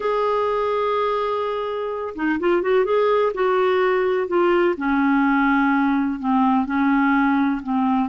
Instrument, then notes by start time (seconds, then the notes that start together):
clarinet
0.00 G#4
2.15 D#4
2.39 F4
2.62 F#4
2.84 G#4
3.33 F#4
4.27 F4
4.77 C#4
6.19 C4
6.65 C#4
7.62 C4